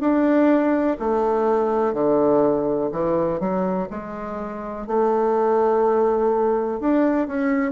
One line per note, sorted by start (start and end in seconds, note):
0.00 0.97 D4
0.99 1.93 A3
1.93 2.90 D3
2.92 3.40 E3
3.40 3.88 F#3
3.90 4.87 G#3
4.87 6.80 A3
6.80 7.27 D4
7.27 7.72 C#4